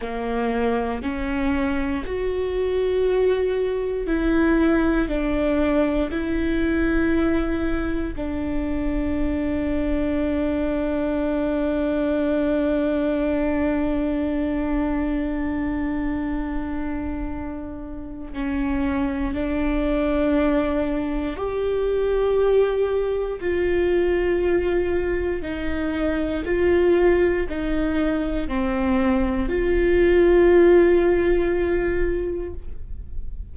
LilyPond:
\new Staff \with { instrumentName = "viola" } { \time 4/4 \tempo 4 = 59 ais4 cis'4 fis'2 | e'4 d'4 e'2 | d'1~ | d'1~ |
d'2 cis'4 d'4~ | d'4 g'2 f'4~ | f'4 dis'4 f'4 dis'4 | c'4 f'2. | }